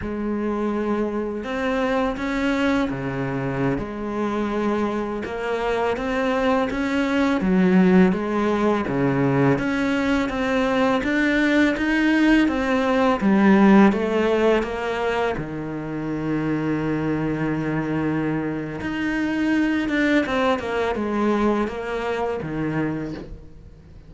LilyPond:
\new Staff \with { instrumentName = "cello" } { \time 4/4 \tempo 4 = 83 gis2 c'4 cis'4 | cis4~ cis16 gis2 ais8.~ | ais16 c'4 cis'4 fis4 gis8.~ | gis16 cis4 cis'4 c'4 d'8.~ |
d'16 dis'4 c'4 g4 a8.~ | a16 ais4 dis2~ dis8.~ | dis2 dis'4. d'8 | c'8 ais8 gis4 ais4 dis4 | }